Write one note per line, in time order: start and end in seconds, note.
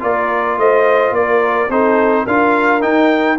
0.00 0.58 A#3
0.00 1.68 F4
0.00 0.59 A#4
0.00 0.59 D5
0.58 1.12 A3
0.58 1.15 C5
0.58 1.15 D#5
1.12 1.68 A#3
1.12 1.71 A#4
1.12 1.71 D5
1.70 2.26 C4
1.70 2.27 D#4
1.70 2.25 A4
1.70 2.27 C5
2.25 2.83 D4
2.25 2.82 F4
2.25 3.37 A#4
2.25 2.82 F5
2.82 3.38 D#4
2.82 3.39 D#4
2.82 3.38 G5